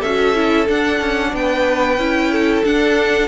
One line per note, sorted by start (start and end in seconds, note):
0.00 0.69 C#4
0.00 0.35 F#4
0.00 1.30 A4
0.00 0.67 E5
0.35 0.67 E4
0.67 1.97 D4
0.67 1.00 D4
0.67 1.35 F#5
1.00 1.33 C#4
1.33 1.97 B3
1.33 2.32 B4
1.33 2.65 G5
1.97 2.63 C#4
1.97 2.64 E4
2.32 3.28 A4
2.64 3.28 D4
2.64 3.28 F#5